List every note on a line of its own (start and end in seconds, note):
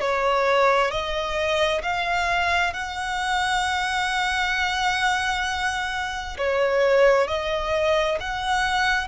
0.00 0.90 C#5
0.90 1.81 D#5
1.82 2.73 F5
2.73 6.36 F#5
6.38 7.27 C#5
7.27 8.18 D#5
8.20 9.07 F#5